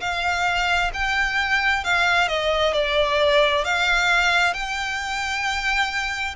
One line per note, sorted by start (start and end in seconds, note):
0.00 0.91 F5
0.93 1.84 G5
1.84 2.27 F5
2.27 2.73 D#5
2.73 3.64 D5
3.64 4.53 F5
4.53 6.35 G5